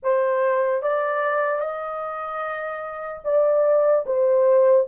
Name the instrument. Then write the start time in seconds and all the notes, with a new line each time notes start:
horn
0.03 C5
0.82 D5
1.60 D#5
3.24 D5
4.06 C5